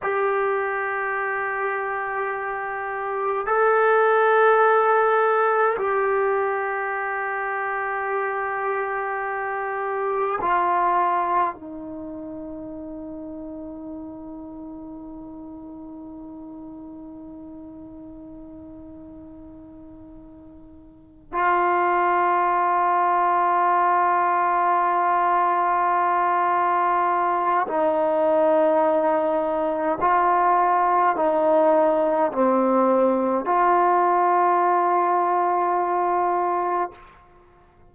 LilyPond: \new Staff \with { instrumentName = "trombone" } { \time 4/4 \tempo 4 = 52 g'2. a'4~ | a'4 g'2.~ | g'4 f'4 dis'2~ | dis'1~ |
dis'2~ dis'8 f'4.~ | f'1 | dis'2 f'4 dis'4 | c'4 f'2. | }